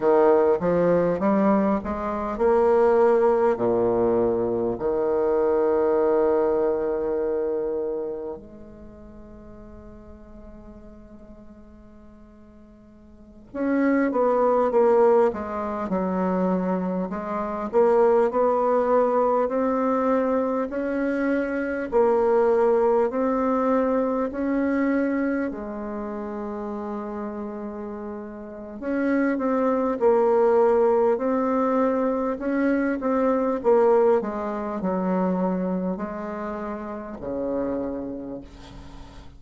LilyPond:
\new Staff \with { instrumentName = "bassoon" } { \time 4/4 \tempo 4 = 50 dis8 f8 g8 gis8 ais4 ais,4 | dis2. gis4~ | gis2.~ gis16 cis'8 b16~ | b16 ais8 gis8 fis4 gis8 ais8 b8.~ |
b16 c'4 cis'4 ais4 c'8.~ | c'16 cis'4 gis2~ gis8. | cis'8 c'8 ais4 c'4 cis'8 c'8 | ais8 gis8 fis4 gis4 cis4 | }